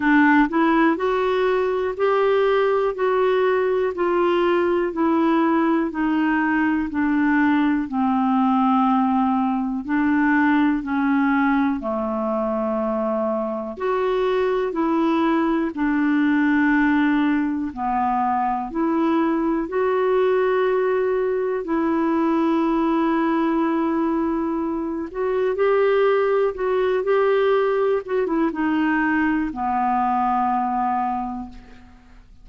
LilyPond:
\new Staff \with { instrumentName = "clarinet" } { \time 4/4 \tempo 4 = 61 d'8 e'8 fis'4 g'4 fis'4 | f'4 e'4 dis'4 d'4 | c'2 d'4 cis'4 | a2 fis'4 e'4 |
d'2 b4 e'4 | fis'2 e'2~ | e'4. fis'8 g'4 fis'8 g'8~ | g'8 fis'16 e'16 dis'4 b2 | }